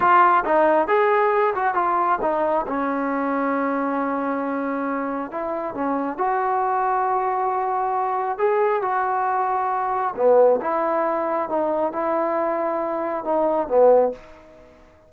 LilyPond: \new Staff \with { instrumentName = "trombone" } { \time 4/4 \tempo 4 = 136 f'4 dis'4 gis'4. fis'8 | f'4 dis'4 cis'2~ | cis'1 | e'4 cis'4 fis'2~ |
fis'2. gis'4 | fis'2. b4 | e'2 dis'4 e'4~ | e'2 dis'4 b4 | }